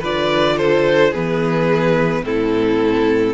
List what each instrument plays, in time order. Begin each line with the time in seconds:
0.00 cello D3, viola F4, violin B4 D5
0.58 violin A4 C5
1.11 cello E3, viola B3, violin G#4 B4
2.23 cello A2, viola C4, violin E4 A4